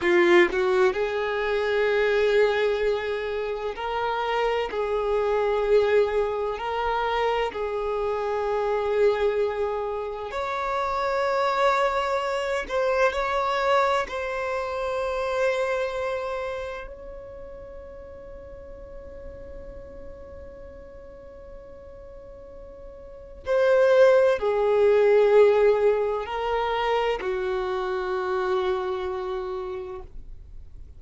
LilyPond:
\new Staff \with { instrumentName = "violin" } { \time 4/4 \tempo 4 = 64 f'8 fis'8 gis'2. | ais'4 gis'2 ais'4 | gis'2. cis''4~ | cis''4. c''8 cis''4 c''4~ |
c''2 cis''2~ | cis''1~ | cis''4 c''4 gis'2 | ais'4 fis'2. | }